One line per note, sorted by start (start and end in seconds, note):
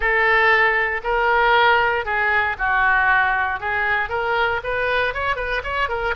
0.00 1.01 A4
1.03 2.05 A#4
2.05 2.56 G#4
2.58 3.60 F#4
3.60 4.09 G#4
4.09 4.60 A#4
4.63 5.14 B4
5.14 5.36 C#5
5.36 5.62 B4
5.63 5.88 C#5
5.88 6.14 A#4